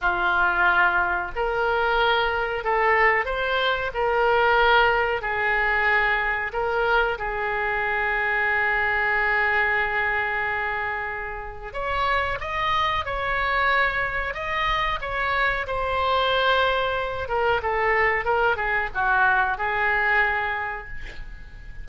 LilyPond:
\new Staff \with { instrumentName = "oboe" } { \time 4/4 \tempo 4 = 92 f'2 ais'2 | a'4 c''4 ais'2 | gis'2 ais'4 gis'4~ | gis'1~ |
gis'2 cis''4 dis''4 | cis''2 dis''4 cis''4 | c''2~ c''8 ais'8 a'4 | ais'8 gis'8 fis'4 gis'2 | }